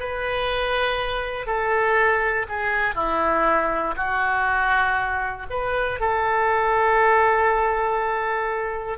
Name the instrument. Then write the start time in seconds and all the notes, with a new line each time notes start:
oboe
0.00 B4
1.47 A4
2.49 G#4
2.95 E4
3.97 F#4
5.50 B4
6.00 A4